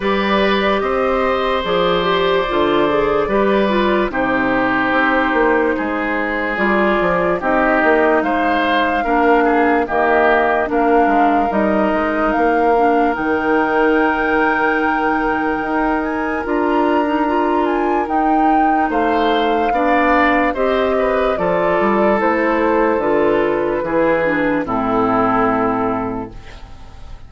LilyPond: <<
  \new Staff \with { instrumentName = "flute" } { \time 4/4 \tempo 4 = 73 d''4 dis''4 d''2~ | d''4 c''2. | d''4 dis''4 f''2 | dis''4 f''4 dis''4 f''4 |
g''2.~ g''8 gis''8 | ais''4. gis''8 g''4 f''4~ | f''4 dis''4 d''4 c''4 | b'2 a'2 | }
  \new Staff \with { instrumentName = "oboe" } { \time 4/4 b'4 c''2. | b'4 g'2 gis'4~ | gis'4 g'4 c''4 ais'8 gis'8 | g'4 ais'2.~ |
ais'1~ | ais'2. c''4 | d''4 c''8 b'8 a'2~ | a'4 gis'4 e'2 | }
  \new Staff \with { instrumentName = "clarinet" } { \time 4/4 g'2 gis'8 g'8 f'8 gis'8 | g'8 f'8 dis'2. | f'4 dis'2 d'4 | ais4 d'4 dis'4. d'8 |
dis'1 | f'8. dis'16 f'4 dis'2 | d'4 g'4 f'4 e'4 | f'4 e'8 d'8 c'2 | }
  \new Staff \with { instrumentName = "bassoon" } { \time 4/4 g4 c'4 f4 d4 | g4 c4 c'8 ais8 gis4 | g8 f8 c'8 ais8 gis4 ais4 | dis4 ais8 gis8 g8 gis8 ais4 |
dis2. dis'4 | d'2 dis'4 a4 | b4 c'4 f8 g8 a4 | d4 e4 a,2 | }
>>